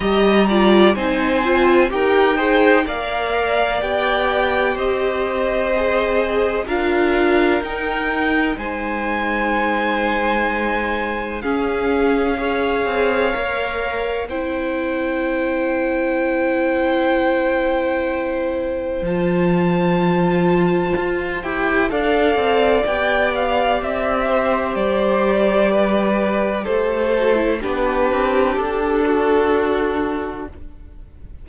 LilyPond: <<
  \new Staff \with { instrumentName = "violin" } { \time 4/4 \tempo 4 = 63 ais''4 gis''4 g''4 f''4 | g''4 dis''2 f''4 | g''4 gis''2. | f''2. g''4~ |
g''1 | a''2~ a''8 g''8 f''4 | g''8 f''8 e''4 d''2 | c''4 b'4 a'2 | }
  \new Staff \with { instrumentName = "violin" } { \time 4/4 dis''8 d''8 c''4 ais'8 c''8 d''4~ | d''4 c''2 ais'4~ | ais'4 c''2. | gis'4 cis''2 c''4~ |
c''1~ | c''2. d''4~ | d''4. c''4. b'4 | a'4 g'4. fis'4. | }
  \new Staff \with { instrumentName = "viola" } { \time 4/4 g'8 f'8 dis'8 f'8 g'8 gis'8 ais'4 | g'2 gis'4 f'4 | dis'1 | cis'4 gis'4 ais'4 e'4~ |
e'1 | f'2~ f'8 g'8 a'4 | g'1~ | g'8 fis'16 e'16 d'2. | }
  \new Staff \with { instrumentName = "cello" } { \time 4/4 g4 c'4 dis'4 ais4 | b4 c'2 d'4 | dis'4 gis2. | cis'4. c'8 ais4 c'4~ |
c'1 | f2 f'8 e'8 d'8 c'8 | b4 c'4 g2 | a4 b8 c'8 d'2 | }
>>